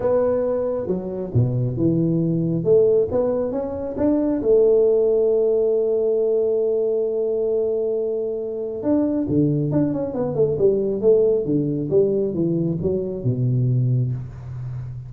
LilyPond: \new Staff \with { instrumentName = "tuba" } { \time 4/4 \tempo 4 = 136 b2 fis4 b,4 | e2 a4 b4 | cis'4 d'4 a2~ | a1~ |
a1 | d'4 d4 d'8 cis'8 b8 a8 | g4 a4 d4 g4 | e4 fis4 b,2 | }